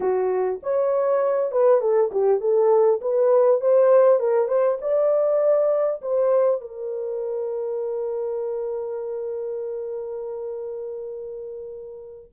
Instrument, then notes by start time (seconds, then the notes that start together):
horn
0.00 F#4
0.62 C#5
1.51 B4
1.80 A4
2.11 G4
2.40 A4
3.01 B4
3.61 C5
4.19 A#4
4.48 C5
4.81 D5
6.01 C5
6.61 A#4